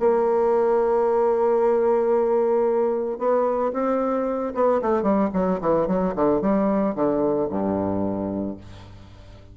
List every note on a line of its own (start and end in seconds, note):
0.00 3.19 A#3
3.19 3.72 B3
3.73 4.53 C4
4.55 4.81 B3
4.82 5.03 A3
5.03 5.29 G3
5.33 5.60 F#3
5.61 5.87 E3
5.87 6.14 F#3
6.15 6.41 D3
6.41 6.95 G3
6.95 7.49 D3
7.50 8.57 G2